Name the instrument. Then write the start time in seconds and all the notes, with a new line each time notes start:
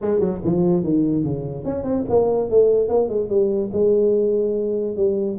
tuba
0.01 G#3
0.20 F#3
0.44 F3
0.83 D#3
1.24 C#3
1.64 C#4
1.83 C4
2.09 A#3
2.50 A3
2.89 A#3
3.08 G#3
3.29 G3
3.72 G#3
4.96 G3